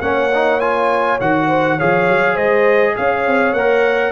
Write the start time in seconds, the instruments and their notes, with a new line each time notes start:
0.00 tuba A#3, trombone C#4, horn C#5, trumpet F#5
0.34 trombone D#4
0.60 trombone F4, trumpet G#5
1.20 tuba D#3, trombone F#4, trumpet F#5
1.47 horn C5
1.76 tuba F3, trombone G#4, horn C#5, trumpet F5
2.08 tuba F#3
2.34 tuba G#3, horn C5, trumpet D#5
2.97 tuba C#4, horn C#5, trumpet F5
3.27 tuba C4
3.53 tuba A#3, trombone A#4, trumpet F#5